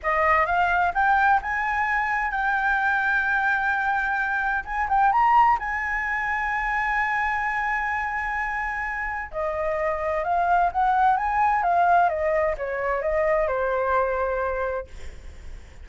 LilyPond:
\new Staff \with { instrumentName = "flute" } { \time 4/4 \tempo 4 = 129 dis''4 f''4 g''4 gis''4~ | gis''4 g''2.~ | g''2 gis''8 g''8 ais''4 | gis''1~ |
gis''1 | dis''2 f''4 fis''4 | gis''4 f''4 dis''4 cis''4 | dis''4 c''2. | }